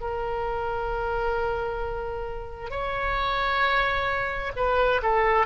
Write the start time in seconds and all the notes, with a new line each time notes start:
0.00 A#4
2.70 C#5
4.55 B4
5.02 A4